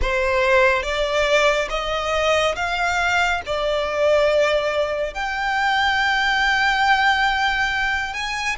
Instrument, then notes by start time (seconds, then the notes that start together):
violin
0.01 C5
0.82 D5
1.69 D#5
2.55 F5
3.46 D5
5.14 G5
8.13 G#5